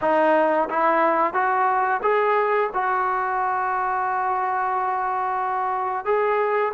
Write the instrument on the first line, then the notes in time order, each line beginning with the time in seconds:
trombone
0.01 D#4
0.69 E4
1.33 F#4
2.02 G#4
2.73 F#4
6.05 G#4